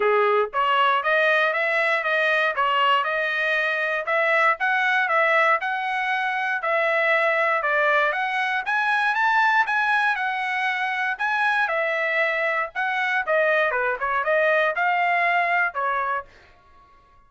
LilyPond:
\new Staff \with { instrumentName = "trumpet" } { \time 4/4 \tempo 4 = 118 gis'4 cis''4 dis''4 e''4 | dis''4 cis''4 dis''2 | e''4 fis''4 e''4 fis''4~ | fis''4 e''2 d''4 |
fis''4 gis''4 a''4 gis''4 | fis''2 gis''4 e''4~ | e''4 fis''4 dis''4 b'8 cis''8 | dis''4 f''2 cis''4 | }